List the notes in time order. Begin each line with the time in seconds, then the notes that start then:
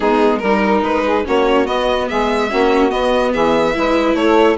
0.00 G#3 B3 D#4 G#4
0.38 G3 D#4 A#4
0.82 G#3 B4
1.05 G#4
1.24 A#3 C#4 F#4 C#5
1.65 B3 D#5
2.08 G#3 G#4 E5
2.48 A#3 C#4 F#4
2.90 B3 D#5
3.32 E3 G#4 E5
3.74 G#3 E4 B4
4.14 A3 A4 C#5